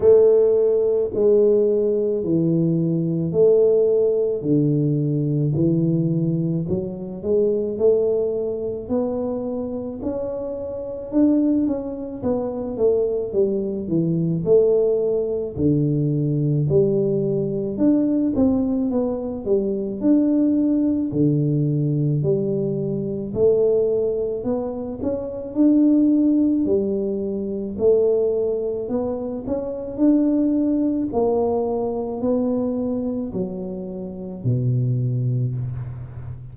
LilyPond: \new Staff \with { instrumentName = "tuba" } { \time 4/4 \tempo 4 = 54 a4 gis4 e4 a4 | d4 e4 fis8 gis8 a4 | b4 cis'4 d'8 cis'8 b8 a8 | g8 e8 a4 d4 g4 |
d'8 c'8 b8 g8 d'4 d4 | g4 a4 b8 cis'8 d'4 | g4 a4 b8 cis'8 d'4 | ais4 b4 fis4 b,4 | }